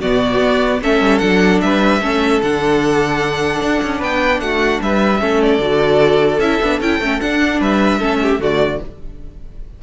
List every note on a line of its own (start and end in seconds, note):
0.00 0.41 B2
0.00 0.81 B3
0.00 0.80 F#4
0.00 0.81 D5
0.41 0.81 B3
0.81 1.00 A3
0.81 1.21 C#4
0.81 1.63 A4
0.81 1.18 E5
1.00 1.20 G3
1.18 1.61 F#3
1.18 2.01 D4
1.18 1.58 F#5
1.61 2.01 G3
1.61 2.01 B4
1.61 2.41 E5
2.01 2.41 A3
2.01 2.41 C#4
2.01 3.98 A4
2.42 3.61 D3
2.42 5.20 D4
2.42 4.02 F#5
3.61 3.81 D4
3.82 4.01 C#4
3.98 4.40 B3
3.98 4.38 B4
3.98 4.40 G5
4.40 4.80 A3
4.40 4.83 F#4
4.40 4.80 F#5
4.81 5.21 G3
4.81 5.20 B4
4.81 5.42 E5
5.20 5.59 A3
5.20 5.60 C#4
5.20 7.60 A4
5.42 6.40 D5
5.59 6.39 D3
5.59 6.41 F#4
6.39 6.59 C#4
6.39 6.62 E4
6.39 6.80 E5
6.62 6.80 B3
6.62 6.82 D4
6.80 7.00 C#4
6.80 7.02 E4
6.80 7.20 G5
7.00 7.20 A3
7.00 7.21 C#4
7.20 8.01 D4
7.20 7.60 D4
7.20 7.60 F#5
7.60 8.00 G3
7.60 7.99 B4
7.60 8.42 E5
7.99 8.39 A3
7.99 8.39 C#4
7.99 8.19 A4
8.22 8.41 G4
8.39 8.79 D3
8.39 8.79 A3
8.39 8.81 F#4
8.39 8.82 D5